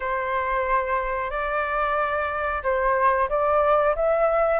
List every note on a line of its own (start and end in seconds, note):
0.00 1.30 C5
1.30 2.62 D5
2.63 3.28 C5
3.29 3.95 D5
3.95 4.60 E5